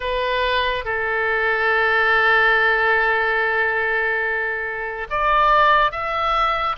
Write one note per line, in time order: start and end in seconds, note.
0.00 0.85 B4
0.85 5.07 A4
5.10 5.91 D5
5.91 6.76 E5